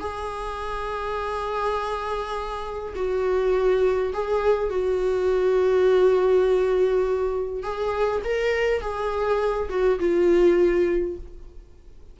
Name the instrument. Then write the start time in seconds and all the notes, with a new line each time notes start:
viola
0.00 G#4
2.96 F#4
4.13 G#4
4.70 F#4
7.63 G#4
8.24 A#4
8.81 G#4
9.70 F#4
9.99 F4